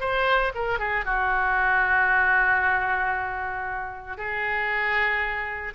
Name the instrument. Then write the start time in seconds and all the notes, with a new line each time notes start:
oboe
0.00 C5
0.54 A#4
0.79 G#4
1.05 F#4
4.17 G#4